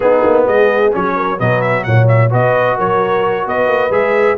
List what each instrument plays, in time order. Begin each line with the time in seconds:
0.00 trombone B3, tuba B3, horn D#4, trumpet G#4
0.24 tuba A#3
0.45 tuba G#3, horn G#4, trumpet D#5
0.91 tuba F#3, trombone C#4, trumpet C#5
1.16 horn A#4
1.38 tuba B2, trombone F#3, horn B4, trumpet D#5
1.61 trumpet E5
1.83 tuba A#2, horn C#5, trumpet F#5
2.07 trumpet E5
2.29 tuba B2, trombone F#4, horn B4, trumpet D#5
2.76 tuba F#3, horn A#4, trumpet C#5
3.45 tuba B3, horn B4, trumpet D#5
3.67 tuba A#3
3.90 tuba G#3, trombone G#4, trumpet E5